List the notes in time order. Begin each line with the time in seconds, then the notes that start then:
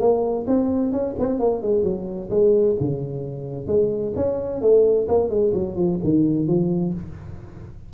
0.00 A#3
0.47 C4
0.92 C#4
1.19 C4
1.40 A#3
1.62 G#3
1.84 F#3
2.30 G#3
2.80 C#3
3.67 G#3
4.16 C#4
4.62 A3
5.08 A#3
5.30 G#3
5.54 F#3
5.76 F3
6.04 D#3
6.47 F3